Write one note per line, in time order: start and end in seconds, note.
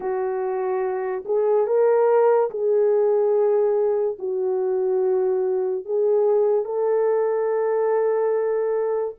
0.00 1.24 F#4
1.25 1.66 G#4
1.66 2.50 A#4
2.50 4.17 G#4
4.18 5.85 F#4
5.85 6.64 G#4
6.64 9.14 A4